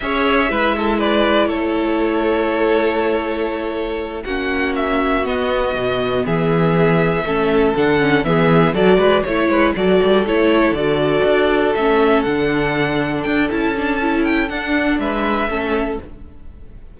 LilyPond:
<<
  \new Staff \with { instrumentName = "violin" } { \time 4/4 \tempo 4 = 120 e''2 d''4 cis''4~ | cis''1~ | cis''8 fis''4 e''4 dis''4.~ | dis''8 e''2. fis''8~ |
fis''8 e''4 d''4 cis''4 d''8~ | d''8 cis''4 d''2 e''8~ | e''8 fis''2 g''8 a''4~ | a''8 g''8 fis''4 e''2 | }
  \new Staff \with { instrumentName = "violin" } { \time 4/4 cis''4 b'8 a'8 b'4 a'4~ | a'1~ | a'8 fis'2.~ fis'8~ | fis'8 gis'2 a'4.~ |
a'8 gis'4 a'8 b'8 cis''8 b'8 a'8~ | a'1~ | a'1~ | a'2 b'4 a'4 | }
  \new Staff \with { instrumentName = "viola" } { \time 4/4 gis'4 e'2.~ | e'1~ | e'8 cis'2 b4.~ | b2~ b8 cis'4 d'8 |
cis'8 b4 fis'4 e'4 fis'8~ | fis'8 e'4 fis'2 cis'8~ | cis'8 d'2~ d'8 e'8 d'8 | e'4 d'2 cis'4 | }
  \new Staff \with { instrumentName = "cello" } { \time 4/4 cis'4 gis2 a4~ | a1~ | a8 ais2 b4 b,8~ | b,8 e2 a4 d8~ |
d8 e4 fis8 gis8 a8 gis8 fis8 | g8 a4 d4 d'4 a8~ | a8 d2 d'8 cis'4~ | cis'4 d'4 gis4 a4 | }
>>